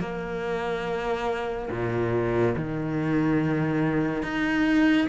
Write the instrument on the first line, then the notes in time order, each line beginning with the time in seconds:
cello
0.00 A#3
1.71 A#2
2.56 D#3
4.23 D#4